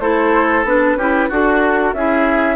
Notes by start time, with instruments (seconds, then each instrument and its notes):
0.00 bassoon A3, clarinet E4, oboe A4, flute C5
0.65 bassoon B3, clarinet D4, flute B4
0.96 bassoon C#4, clarinet E4, oboe G4
1.29 bassoon D4, oboe F#4, clarinet F#4, flute A4
1.94 bassoon C#4, clarinet E4, oboe G#4, flute E5